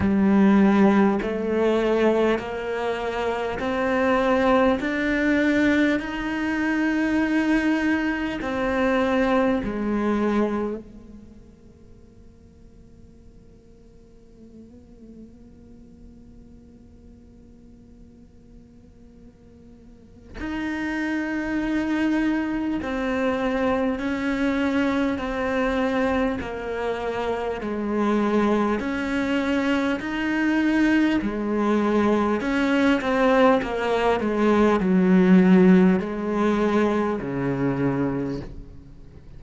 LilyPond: \new Staff \with { instrumentName = "cello" } { \time 4/4 \tempo 4 = 50 g4 a4 ais4 c'4 | d'4 dis'2 c'4 | gis4 ais2.~ | ais1~ |
ais4 dis'2 c'4 | cis'4 c'4 ais4 gis4 | cis'4 dis'4 gis4 cis'8 c'8 | ais8 gis8 fis4 gis4 cis4 | }